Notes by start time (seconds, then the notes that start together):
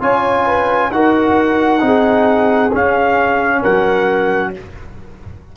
0.00 C#4 F4 C#5 G#5
0.45 B4
0.90 D#4 F#4 A#4 F#5
1.79 C4 D#4 G#4
2.72 C#4 F5
3.61 F#3 A#4 F#5